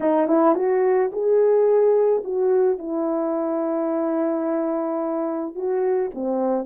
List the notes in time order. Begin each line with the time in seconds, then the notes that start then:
0.00 D#4
0.27 E4
0.55 F#4
1.12 G#4
2.24 F#4
2.78 E4
5.55 F#4
6.14 C4